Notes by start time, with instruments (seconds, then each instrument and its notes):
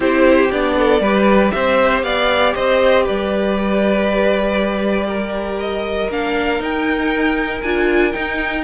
0.00 cello C4, viola E4, violin G4 C5
0.51 cello B3, viola D4, violin D5
0.77 violin A4
1.00 cello G3, viola G4, violin B4
1.51 cello C4, violin C5 E5
2.02 cello B3, violin D5 F5
2.54 cello C4, violin C5 D#5
3.03 cello G3, violin B4 D5
5.07 violin A#4
5.59 violin D#5
6.09 cello A#3, viola D4, violin F5
6.59 viola D#4, cello D#4, violin G5
7.61 cello D4, viola F4, violin G#5
8.11 viola D#4, cello D#4, violin G5